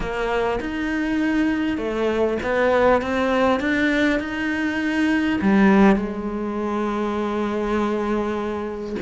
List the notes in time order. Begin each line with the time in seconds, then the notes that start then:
0.00 A#3
0.60 D#4
1.77 A3
2.42 B3
3.01 C4
3.60 D4
4.19 D#4
5.41 G3
5.96 G#3